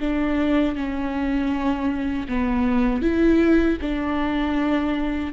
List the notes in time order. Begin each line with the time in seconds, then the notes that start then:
0.00 D4
0.76 C#4
2.29 B3
3.02 E4
3.82 D4